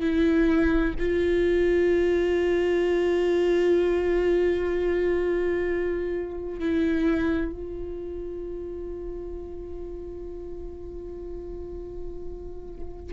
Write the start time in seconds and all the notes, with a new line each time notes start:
0.00 E4
0.99 F4
6.59 E4
7.52 F4